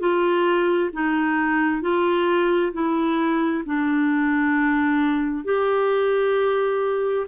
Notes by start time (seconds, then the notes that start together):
0.00 F4
0.93 D#4
1.82 F4
2.73 E4
3.66 D4
5.45 G4